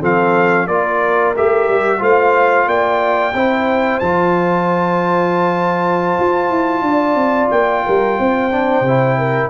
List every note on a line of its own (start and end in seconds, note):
0.00 0.68 F3
0.00 0.68 C4
0.00 0.67 A4
0.00 0.68 F5
0.67 1.35 A#3
0.67 1.36 F4
0.67 2.01 A#4
0.67 1.35 D5
1.36 1.69 A3
1.36 1.99 G4
1.36 2.03 E5
1.69 2.02 G3
1.99 2.67 A3
1.99 3.32 F4
1.99 2.67 C5
1.99 2.69 F5
2.67 3.34 A#3
2.67 3.35 D5
2.67 4.00 G5
3.34 4.01 C4
3.34 4.03 E4
3.34 6.85 C5
4.00 6.19 F3
4.00 8.52 F4
4.00 7.50 A5
6.20 6.50 F4
6.50 6.82 E4
6.82 7.15 D4
6.82 7.86 D5
7.15 7.49 C4
7.51 7.85 A#3
7.51 9.51 G5
7.86 8.19 G3
7.86 8.19 A#4
8.19 8.81 C4
8.19 9.19 C5
8.52 8.85 D4
8.81 9.48 C3
8.88 9.51 E4
9.19 9.51 A#4